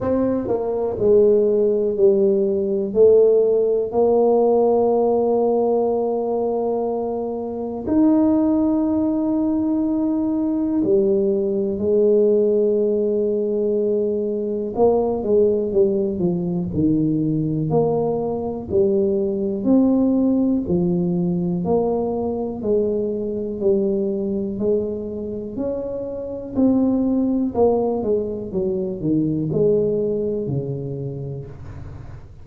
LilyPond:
\new Staff \with { instrumentName = "tuba" } { \time 4/4 \tempo 4 = 61 c'8 ais8 gis4 g4 a4 | ais1 | dis'2. g4 | gis2. ais8 gis8 |
g8 f8 dis4 ais4 g4 | c'4 f4 ais4 gis4 | g4 gis4 cis'4 c'4 | ais8 gis8 fis8 dis8 gis4 cis4 | }